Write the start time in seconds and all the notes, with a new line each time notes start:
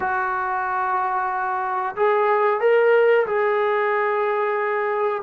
0.00 F#4
1.96 G#4
2.60 A#4
3.26 G#4